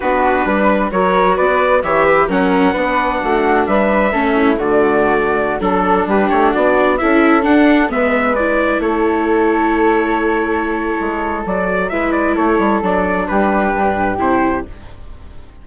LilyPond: <<
  \new Staff \with { instrumentName = "trumpet" } { \time 4/4 \tempo 4 = 131 b'2 cis''4 d''4 | e''4 fis''2. | e''2 d''2~ | d''16 a'4 b'8 cis''8 d''4 e''8.~ |
e''16 fis''4 e''4 d''4 cis''8.~ | cis''1~ | cis''4 d''4 e''8 d''8 cis''4 | d''4 b'2 c''4 | }
  \new Staff \with { instrumentName = "flute" } { \time 4/4 fis'4 b'4 ais'4 b'4 | cis''8 b'8 ais'4 b'4 fis'4 | b'4 a'8 e'8 fis'2~ | fis'16 a'4 g'4 fis'4 a'8.~ |
a'4~ a'16 b'2 a'8.~ | a'1~ | a'2 b'4 a'4~ | a'4 g'2. | }
  \new Staff \with { instrumentName = "viola" } { \time 4/4 d'2 fis'2 | g'4 cis'4 d'2~ | d'4 cis'4 a2~ | a16 d'2. e'8.~ |
e'16 d'4 b4 e'4.~ e'16~ | e'1~ | e'4 fis'4 e'2 | d'2. e'4 | }
  \new Staff \with { instrumentName = "bassoon" } { \time 4/4 b4 g4 fis4 b4 | e4 fis4 b4 a4 | g4 a4 d2~ | d16 fis4 g8 a8 b4 cis'8.~ |
cis'16 d'4 gis2 a8.~ | a1 | gis4 fis4 gis4 a8 g8 | fis4 g4 g,4 c4 | }
>>